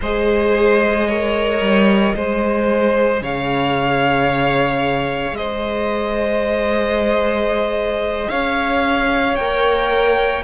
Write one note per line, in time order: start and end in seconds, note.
0.01 1.60 G#3
0.01 1.09 G#4
0.01 1.07 C5
0.01 3.23 D#5
1.07 2.15 A#4
1.07 2.14 C#5
1.60 2.13 G3
2.15 3.21 G#3
2.15 9.38 G#4
2.15 3.22 C5
3.21 5.32 C#3
3.21 5.37 C#5
3.21 5.36 F5
5.32 8.26 G#3
5.32 8.29 C5
5.32 8.29 D#5
8.29 9.37 C#4
8.29 10.43 C#5
8.29 9.35 F5
9.35 10.43 A#3
9.35 10.43 A#4
9.35 10.42 G5